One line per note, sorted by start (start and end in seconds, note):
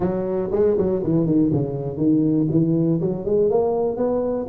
0.00 0.50 F#3
0.51 0.76 G#3
0.77 1.02 F#3
1.02 1.25 E3
1.25 1.50 D#3
1.52 1.97 C#3
1.97 2.47 D#3
2.50 3.00 E3
3.00 3.25 F#3
3.25 3.50 G#3
3.50 3.97 A#3
3.97 4.47 B3